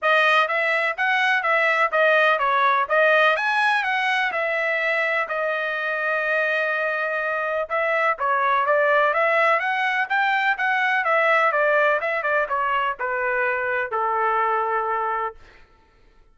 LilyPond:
\new Staff \with { instrumentName = "trumpet" } { \time 4/4 \tempo 4 = 125 dis''4 e''4 fis''4 e''4 | dis''4 cis''4 dis''4 gis''4 | fis''4 e''2 dis''4~ | dis''1 |
e''4 cis''4 d''4 e''4 | fis''4 g''4 fis''4 e''4 | d''4 e''8 d''8 cis''4 b'4~ | b'4 a'2. | }